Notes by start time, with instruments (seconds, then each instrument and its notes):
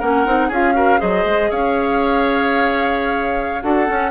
0.00 bassoon A#3, clarinet C#4, oboe A#4, flute F#5
0.26 bassoon C4, clarinet D#4
0.49 bassoon C#4, clarinet F4, oboe G#4, flute F5
0.74 clarinet F#4, oboe A#4
0.99 bassoon F#3, clarinet G#4, oboe C5, flute D#5
1.25 bassoon G#3
1.51 bassoon C#4, oboe C#5, flute F5
3.63 bassoon D4, clarinet F#4, oboe A4, flute F#5
3.86 clarinet C#4, bassoon C#4